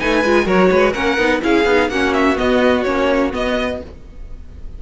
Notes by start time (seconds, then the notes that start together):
0.00 A3 D#4 B4 G#5
0.24 G#3 F4
0.46 F#3 F#4 A#4 C#5
0.72 G#3 B4
0.93 A#3 C#4 A#4 F#5
1.18 B3 D#4
1.43 C#4 E4 G#4 F5
1.65 B3 D#4
1.89 A#3 C#4 F#4 F#5
2.14 E5
2.36 B3 D#5
2.83 A#3 C#4 C#5
3.32 B3 D#5